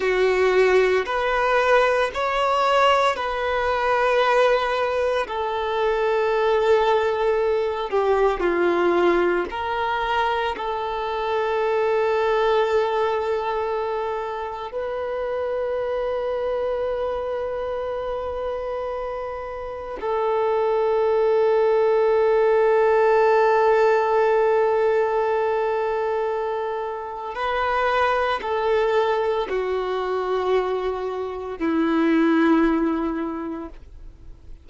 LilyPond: \new Staff \with { instrumentName = "violin" } { \time 4/4 \tempo 4 = 57 fis'4 b'4 cis''4 b'4~ | b'4 a'2~ a'8 g'8 | f'4 ais'4 a'2~ | a'2 b'2~ |
b'2. a'4~ | a'1~ | a'2 b'4 a'4 | fis'2 e'2 | }